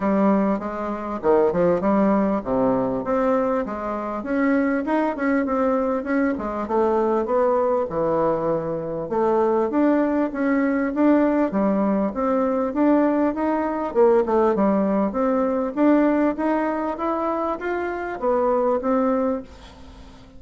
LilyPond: \new Staff \with { instrumentName = "bassoon" } { \time 4/4 \tempo 4 = 99 g4 gis4 dis8 f8 g4 | c4 c'4 gis4 cis'4 | dis'8 cis'8 c'4 cis'8 gis8 a4 | b4 e2 a4 |
d'4 cis'4 d'4 g4 | c'4 d'4 dis'4 ais8 a8 | g4 c'4 d'4 dis'4 | e'4 f'4 b4 c'4 | }